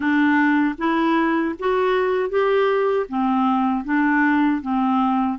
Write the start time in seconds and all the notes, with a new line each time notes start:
0.00 D4
0.77 E4
1.59 F#4
2.29 G4
3.08 C4
3.84 D4
4.61 C4